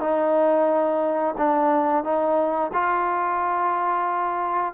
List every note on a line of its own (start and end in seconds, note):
0.00 1.35 D#4
1.37 2.03 D4
2.03 2.71 D#4
2.73 4.74 F4